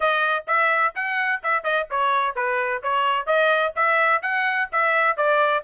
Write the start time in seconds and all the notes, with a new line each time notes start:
0.00 D#5
0.47 E5
0.95 F#5
1.43 E5
1.63 D#5
1.90 C#5
2.35 B4
2.83 C#5
3.26 D#5
3.75 E5
4.22 F#5
4.72 E5
5.16 D5